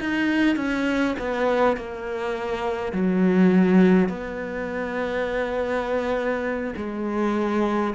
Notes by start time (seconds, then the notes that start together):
0.00 D#4
0.56 C#4
1.19 B3
1.77 A#3
2.93 F#3
4.09 B3
6.76 G#3